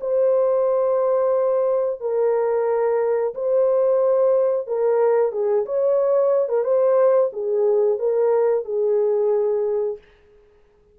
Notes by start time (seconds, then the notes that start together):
0.00 C5
2.00 A#4
3.34 C5
4.67 A#4
5.32 G#4
5.65 C#5
6.48 A#4
6.64 C5
7.32 G#4
7.98 A#4
8.64 G#4